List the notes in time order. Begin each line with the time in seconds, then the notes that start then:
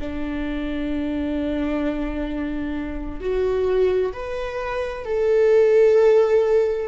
0.00 D4
3.21 F#4
4.13 B4
5.05 A4